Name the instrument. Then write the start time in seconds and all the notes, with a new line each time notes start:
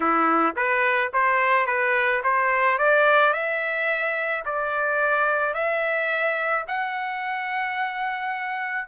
trumpet
0.00 E4
0.56 B4
1.13 C5
1.66 B4
2.23 C5
2.78 D5
3.33 E5
4.45 D5
5.54 E5
6.67 F#5